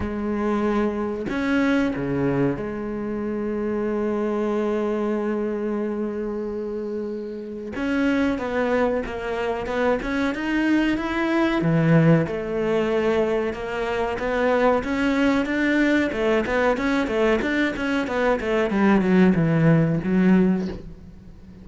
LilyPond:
\new Staff \with { instrumentName = "cello" } { \time 4/4 \tempo 4 = 93 gis2 cis'4 cis4 | gis1~ | gis1 | cis'4 b4 ais4 b8 cis'8 |
dis'4 e'4 e4 a4~ | a4 ais4 b4 cis'4 | d'4 a8 b8 cis'8 a8 d'8 cis'8 | b8 a8 g8 fis8 e4 fis4 | }